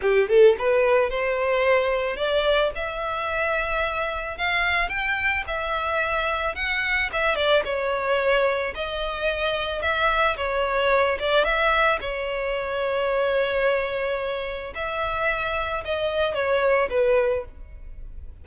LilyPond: \new Staff \with { instrumentName = "violin" } { \time 4/4 \tempo 4 = 110 g'8 a'8 b'4 c''2 | d''4 e''2. | f''4 g''4 e''2 | fis''4 e''8 d''8 cis''2 |
dis''2 e''4 cis''4~ | cis''8 d''8 e''4 cis''2~ | cis''2. e''4~ | e''4 dis''4 cis''4 b'4 | }